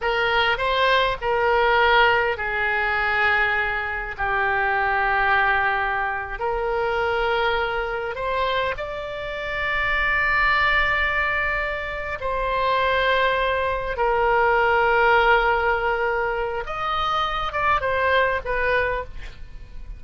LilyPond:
\new Staff \with { instrumentName = "oboe" } { \time 4/4 \tempo 4 = 101 ais'4 c''4 ais'2 | gis'2. g'4~ | g'2~ g'8. ais'4~ ais'16~ | ais'4.~ ais'16 c''4 d''4~ d''16~ |
d''1~ | d''8 c''2. ais'8~ | ais'1 | dis''4. d''8 c''4 b'4 | }